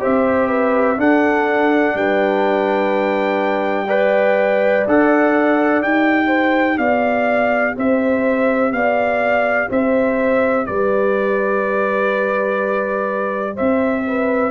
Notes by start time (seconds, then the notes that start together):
0.00 C4 G4 C5 E5
0.48 B4
0.97 D4 A4 F#5
1.95 G3 B4 G5
3.87 B4 D5
4.87 D4 A4 F#5
5.83 D#4 G4 G5
6.27 C5
6.78 B3 D5 F5
7.76 C4 C5 E5
8.72 B3 D5 F5
9.70 C4 C5 E5
10.66 G3 B4 D5
13.55 C4 C5 E5
14.07 B4